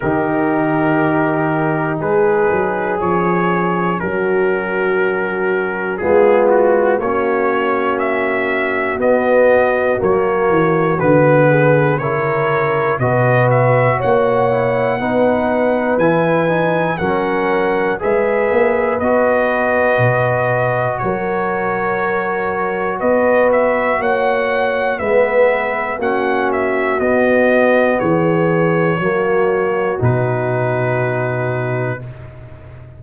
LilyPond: <<
  \new Staff \with { instrumentName = "trumpet" } { \time 4/4 \tempo 4 = 60 ais'2 b'4 cis''4 | ais'2 gis'8 fis'8 cis''4 | e''4 dis''4 cis''4 b'4 | cis''4 dis''8 e''8 fis''2 |
gis''4 fis''4 e''4 dis''4~ | dis''4 cis''2 dis''8 e''8 | fis''4 e''4 fis''8 e''8 dis''4 | cis''2 b'2 | }
  \new Staff \with { instrumentName = "horn" } { \time 4/4 g'2 gis'2 | fis'2 f'4 fis'4~ | fis'2.~ fis'8 gis'8 | ais'4 b'4 cis''4 b'4~ |
b'4 ais'4 b'2~ | b'4 ais'2 b'4 | cis''4 b'4 fis'2 | gis'4 fis'2. | }
  \new Staff \with { instrumentName = "trombone" } { \time 4/4 dis'2. cis'4~ | cis'2 b4 cis'4~ | cis'4 b4 ais4 b4 | e'4 fis'4. e'8 dis'4 |
e'8 dis'8 cis'4 gis'4 fis'4~ | fis'1~ | fis'4 b4 cis'4 b4~ | b4 ais4 dis'2 | }
  \new Staff \with { instrumentName = "tuba" } { \time 4/4 dis2 gis8 fis8 f4 | fis2 gis4 ais4~ | ais4 b4 fis8 e8 d4 | cis4 b,4 ais4 b4 |
e4 fis4 gis8 ais8 b4 | b,4 fis2 b4 | ais4 gis4 ais4 b4 | e4 fis4 b,2 | }
>>